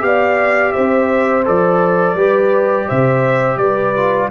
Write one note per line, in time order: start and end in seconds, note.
0.00 0.74 B3
0.00 1.43 G4
0.00 0.74 D5
0.00 0.72 F5
0.72 1.48 C4
0.72 2.16 C5
0.72 1.43 E5
1.45 2.14 F3
1.45 2.16 A4
1.45 2.89 D5
2.14 2.85 G3
2.14 3.95 G4
2.14 2.87 B4
2.87 3.57 C3
2.87 3.58 C5
2.87 3.57 E5
3.57 4.28 G3
3.57 4.30 B4
3.57 4.29 D5
3.96 4.30 F4